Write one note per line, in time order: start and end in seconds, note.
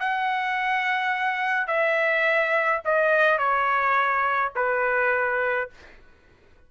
0.00 1.68 F#5
1.68 2.82 E5
2.85 3.39 D#5
3.39 4.53 C#5
4.56 5.70 B4